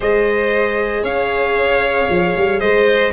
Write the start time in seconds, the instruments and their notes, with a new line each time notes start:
0.00 tuba G#3, viola G#4, violin C5, trumpet D#5
1.02 tuba C#4, violin C#5, trumpet F5
2.09 tuba F3
2.36 tuba G3
2.59 tuba G#3, violin C5, trumpet D#5